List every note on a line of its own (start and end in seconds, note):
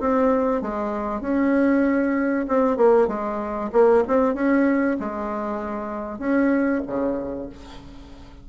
0.00 0.61 C4
0.61 1.21 G#3
1.21 2.46 C#4
2.48 2.77 C4
2.77 3.08 A#3
3.08 3.70 G#3
3.72 4.04 A#3
4.08 4.34 C4
4.34 4.97 C#4
4.99 6.19 G#3
6.19 6.81 C#4
6.87 7.49 C#3